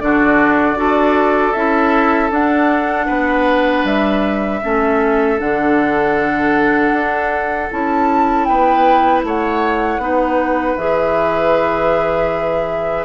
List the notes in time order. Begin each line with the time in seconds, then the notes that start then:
0.00 D3 D4 F#4 D5
0.75 D4 F#4 A4
1.53 C#4 E4 E5
2.30 D4 F#5
3.06 B3 B4
3.84 G3 E5
4.62 A3 C#4 A4
5.38 D3 D4 F#5
6.92 D4
7.71 C#4 E4 A5
8.44 B3 B4 G5
9.23 A3 C#5 F#5
9.98 B3 D#4 B4
10.76 E3 G#4 E5